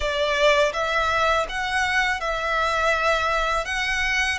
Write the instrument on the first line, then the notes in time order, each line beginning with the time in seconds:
violin
0.00 D5
0.73 E5
1.48 F#5
2.20 E5
3.65 F#5